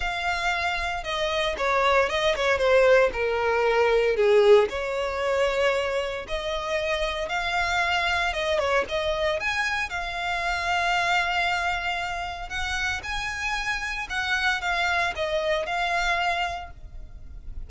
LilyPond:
\new Staff \with { instrumentName = "violin" } { \time 4/4 \tempo 4 = 115 f''2 dis''4 cis''4 | dis''8 cis''8 c''4 ais'2 | gis'4 cis''2. | dis''2 f''2 |
dis''8 cis''8 dis''4 gis''4 f''4~ | f''1 | fis''4 gis''2 fis''4 | f''4 dis''4 f''2 | }